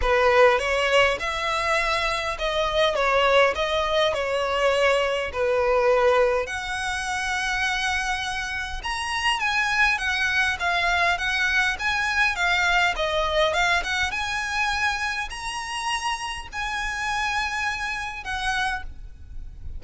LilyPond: \new Staff \with { instrumentName = "violin" } { \time 4/4 \tempo 4 = 102 b'4 cis''4 e''2 | dis''4 cis''4 dis''4 cis''4~ | cis''4 b'2 fis''4~ | fis''2. ais''4 |
gis''4 fis''4 f''4 fis''4 | gis''4 f''4 dis''4 f''8 fis''8 | gis''2 ais''2 | gis''2. fis''4 | }